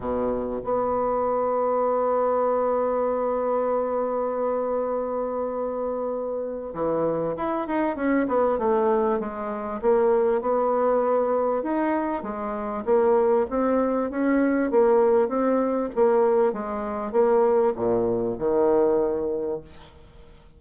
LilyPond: \new Staff \with { instrumentName = "bassoon" } { \time 4/4 \tempo 4 = 98 b,4 b2.~ | b1~ | b2. e4 | e'8 dis'8 cis'8 b8 a4 gis4 |
ais4 b2 dis'4 | gis4 ais4 c'4 cis'4 | ais4 c'4 ais4 gis4 | ais4 ais,4 dis2 | }